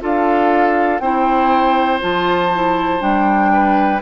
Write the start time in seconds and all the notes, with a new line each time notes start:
0.00 D4 F4 A4 F5
0.99 C4 E4 C5 G5
2.00 F3 F4 A5
2.54 E4
2.99 G3 D4 G5
3.53 B4